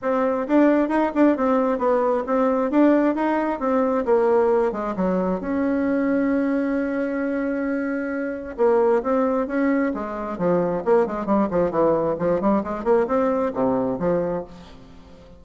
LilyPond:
\new Staff \with { instrumentName = "bassoon" } { \time 4/4 \tempo 4 = 133 c'4 d'4 dis'8 d'8 c'4 | b4 c'4 d'4 dis'4 | c'4 ais4. gis8 fis4 | cis'1~ |
cis'2. ais4 | c'4 cis'4 gis4 f4 | ais8 gis8 g8 f8 e4 f8 g8 | gis8 ais8 c'4 c4 f4 | }